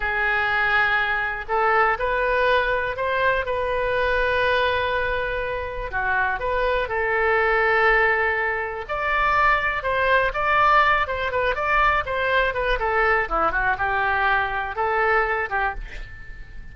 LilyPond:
\new Staff \with { instrumentName = "oboe" } { \time 4/4 \tempo 4 = 122 gis'2. a'4 | b'2 c''4 b'4~ | b'1 | fis'4 b'4 a'2~ |
a'2 d''2 | c''4 d''4. c''8 b'8 d''8~ | d''8 c''4 b'8 a'4 e'8 fis'8 | g'2 a'4. g'8 | }